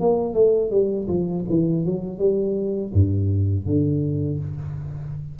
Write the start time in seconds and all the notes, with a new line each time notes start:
0.00 A#3
0.34 A3
0.71 G3
1.08 F3
1.49 E3
1.85 F#3
2.19 G3
2.93 G2
3.66 D3